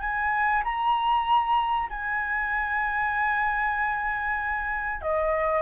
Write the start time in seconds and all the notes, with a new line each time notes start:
0.00 G#5
0.64 A#5
1.89 G#5
5.01 D#5